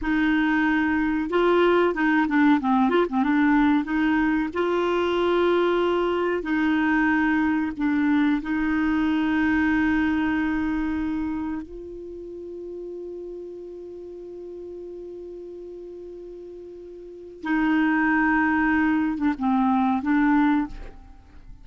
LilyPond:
\new Staff \with { instrumentName = "clarinet" } { \time 4/4 \tempo 4 = 93 dis'2 f'4 dis'8 d'8 | c'8 f'16 c'16 d'4 dis'4 f'4~ | f'2 dis'2 | d'4 dis'2.~ |
dis'2 f'2~ | f'1~ | f'2. dis'4~ | dis'4.~ dis'16 d'16 c'4 d'4 | }